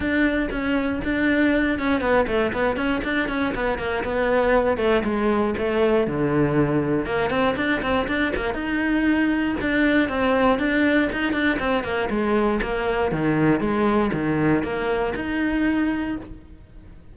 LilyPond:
\new Staff \with { instrumentName = "cello" } { \time 4/4 \tempo 4 = 119 d'4 cis'4 d'4. cis'8 | b8 a8 b8 cis'8 d'8 cis'8 b8 ais8 | b4. a8 gis4 a4 | d2 ais8 c'8 d'8 c'8 |
d'8 ais8 dis'2 d'4 | c'4 d'4 dis'8 d'8 c'8 ais8 | gis4 ais4 dis4 gis4 | dis4 ais4 dis'2 | }